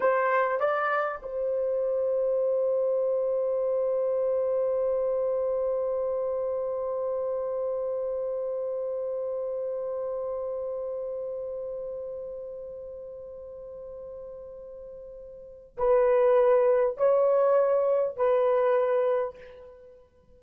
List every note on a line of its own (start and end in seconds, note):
0.00 0.60 C5
0.60 1.20 D5
1.22 15.77 C5
15.77 16.97 B4
16.97 18.16 C#5
18.16 19.37 B4